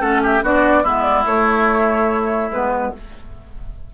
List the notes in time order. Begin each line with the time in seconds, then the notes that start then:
0.00 A3 C#4 A4 F#5
0.23 G4 E5
0.42 B3 D4 F#4 D5
0.83 G#3 B3 E4 E5
1.02 D5
1.25 A3 C#5
2.50 G#3 B3 B4